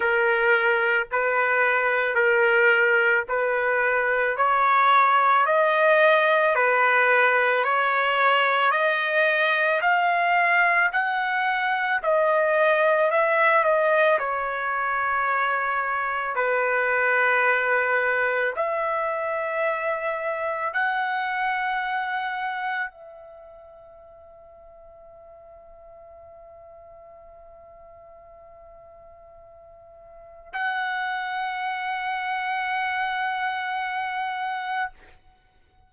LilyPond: \new Staff \with { instrumentName = "trumpet" } { \time 4/4 \tempo 4 = 55 ais'4 b'4 ais'4 b'4 | cis''4 dis''4 b'4 cis''4 | dis''4 f''4 fis''4 dis''4 | e''8 dis''8 cis''2 b'4~ |
b'4 e''2 fis''4~ | fis''4 e''2.~ | e''1 | fis''1 | }